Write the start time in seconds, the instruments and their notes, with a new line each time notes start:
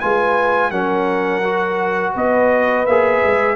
0.00 tuba G#3, trombone F4, horn B4, trumpet G#5
0.71 tuba F#3, trombone C#4, horn A#4, trumpet F#5
1.44 trombone F#4
2.14 tuba B3, horn B4, trumpet D#5
2.86 tuba A#3, trombone G#4, trumpet E5
3.25 tuba G#3